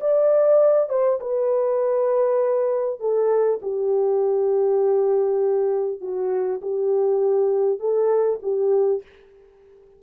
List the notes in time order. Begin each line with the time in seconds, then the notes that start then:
0.00 D5
0.89 C5
1.20 B4
2.99 A4
3.62 G4
6.01 F#4
6.61 G4
7.79 A4
8.42 G4